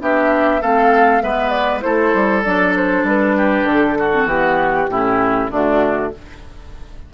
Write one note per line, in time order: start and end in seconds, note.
0.00 0.62 B3
0.00 0.61 D4
0.00 0.62 G4
0.00 0.62 E5
0.62 1.23 A3
0.62 1.21 C4
0.62 1.23 A4
0.62 1.22 F5
1.21 1.84 G#3
1.21 1.82 B3
1.21 1.84 B4
1.21 1.50 E5
1.50 1.80 D5
1.82 2.15 A3
1.82 2.43 E4
1.82 3.37 A4
1.82 2.43 C5
2.15 2.45 G3
2.44 3.04 F#3
2.44 4.13 D4
2.44 2.74 D5
2.77 3.07 C5
3.04 3.63 G3
3.04 3.68 B4
3.37 3.98 G4
3.63 4.24 D3
3.63 4.29 A4
3.99 4.91 F#4
4.13 4.27 C4
4.26 4.87 E3
4.26 4.88 B3
4.26 5.51 G4
4.90 5.51 A2
4.90 5.52 C#4
4.90 5.51 E4
5.51 6.13 D3
5.51 6.13 A3
5.51 6.13 D4
5.51 6.14 F#4